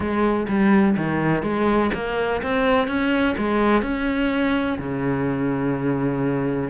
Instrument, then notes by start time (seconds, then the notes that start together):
cello
0.00 G#3
0.48 G3
0.97 D#3
1.42 G#3
1.93 A#3
2.42 C4
2.87 C#4
3.37 G#3
3.82 C#4
4.78 C#3